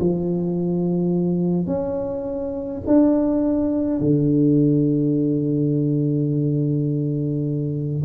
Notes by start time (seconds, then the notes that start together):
0.00 F3
1.67 C#4
2.87 D4
4.00 D3